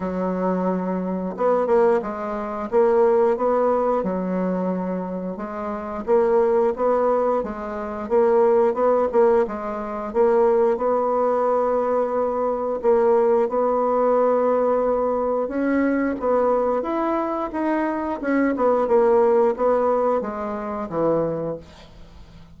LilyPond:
\new Staff \with { instrumentName = "bassoon" } { \time 4/4 \tempo 4 = 89 fis2 b8 ais8 gis4 | ais4 b4 fis2 | gis4 ais4 b4 gis4 | ais4 b8 ais8 gis4 ais4 |
b2. ais4 | b2. cis'4 | b4 e'4 dis'4 cis'8 b8 | ais4 b4 gis4 e4 | }